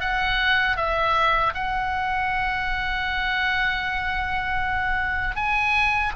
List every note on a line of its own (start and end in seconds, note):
0.00 0.76 F#5
0.76 1.53 E5
1.54 5.35 F#5
5.35 6.12 G#5